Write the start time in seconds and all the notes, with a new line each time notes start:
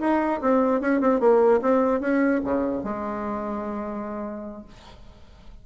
0.00 D#4
0.41 C4
0.81 C#4
1.01 C4
1.20 A#3
1.61 C4
2.00 C#4
2.44 C#3
2.84 G#3